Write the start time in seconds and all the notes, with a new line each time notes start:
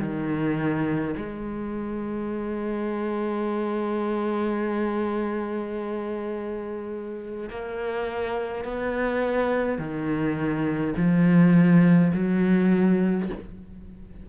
0.00 D#3
1.17 G#3
7.50 A#3
8.64 B3
9.79 D#3
10.97 F3
12.14 F#3